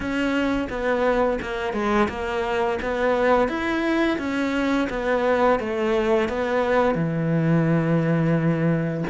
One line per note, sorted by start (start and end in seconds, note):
0.00 0.68 C#4
0.69 1.39 B3
1.41 1.73 A#3
1.73 2.08 G#3
2.09 2.78 A#3
2.82 3.48 B3
3.48 4.18 E4
4.18 4.88 C#4
4.89 5.59 B3
5.59 6.28 A3
6.28 6.94 B3
6.94 9.03 E3